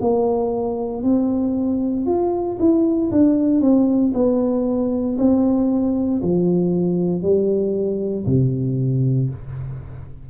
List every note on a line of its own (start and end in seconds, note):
0.00 1.03 A#3
1.03 2.06 C4
2.06 2.58 F4
2.59 3.11 E4
3.11 3.61 D4
3.61 4.12 C4
4.14 5.17 B3
5.18 6.21 C4
6.22 7.22 F3
7.22 8.25 G3
8.26 9.29 C3